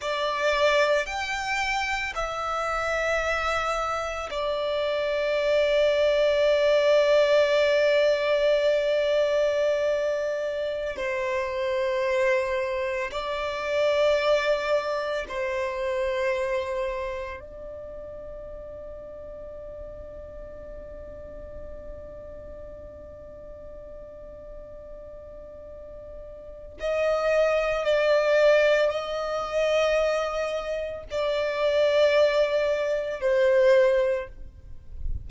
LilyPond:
\new Staff \with { instrumentName = "violin" } { \time 4/4 \tempo 4 = 56 d''4 g''4 e''2 | d''1~ | d''2~ d''16 c''4.~ c''16~ | c''16 d''2 c''4.~ c''16~ |
c''16 d''2.~ d''8.~ | d''1~ | d''4 dis''4 d''4 dis''4~ | dis''4 d''2 c''4 | }